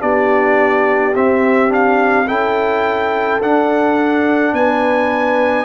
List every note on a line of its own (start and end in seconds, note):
0.00 1.15 B3
0.00 1.13 D4
0.00 2.27 G4
0.00 1.15 D5
1.15 1.69 C4
1.15 2.29 C4
1.15 1.72 E5
1.69 2.25 D4
1.69 2.28 F5
2.27 3.42 C#4
2.27 3.41 E4
2.27 4.54 A4
2.27 3.41 G5
3.42 4.53 D4
3.42 5.65 D4
3.42 4.54 F#5
4.53 5.65 B3
4.53 5.65 B4
4.53 5.65 G#5